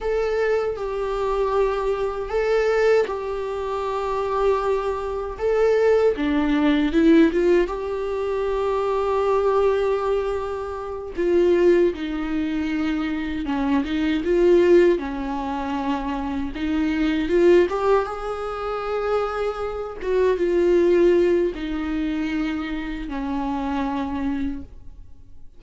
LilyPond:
\new Staff \with { instrumentName = "viola" } { \time 4/4 \tempo 4 = 78 a'4 g'2 a'4 | g'2. a'4 | d'4 e'8 f'8 g'2~ | g'2~ g'8 f'4 dis'8~ |
dis'4. cis'8 dis'8 f'4 cis'8~ | cis'4. dis'4 f'8 g'8 gis'8~ | gis'2 fis'8 f'4. | dis'2 cis'2 | }